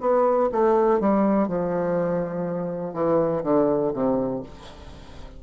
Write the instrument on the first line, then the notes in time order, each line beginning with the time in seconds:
bassoon
0.00 B3
0.52 A3
1.00 G3
1.48 F3
2.93 E3
3.43 D3
3.93 C3